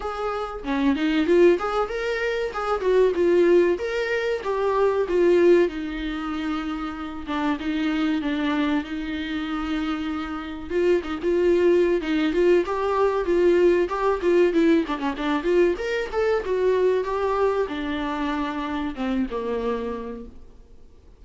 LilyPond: \new Staff \with { instrumentName = "viola" } { \time 4/4 \tempo 4 = 95 gis'4 cis'8 dis'8 f'8 gis'8 ais'4 | gis'8 fis'8 f'4 ais'4 g'4 | f'4 dis'2~ dis'8 d'8 | dis'4 d'4 dis'2~ |
dis'4 f'8 dis'16 f'4~ f'16 dis'8 f'8 | g'4 f'4 g'8 f'8 e'8 d'16 cis'16 | d'8 f'8 ais'8 a'8 fis'4 g'4 | d'2 c'8 ais4. | }